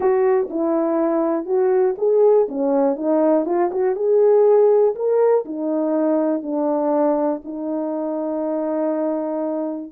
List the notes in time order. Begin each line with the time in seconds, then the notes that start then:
0.00 F#4
0.50 E4
1.45 F#4
1.98 G#4
2.48 C#4
2.95 D#4
3.45 F4
3.71 F#4
3.95 G#4
4.95 A#4
5.45 D#4
6.42 D4
7.44 D#4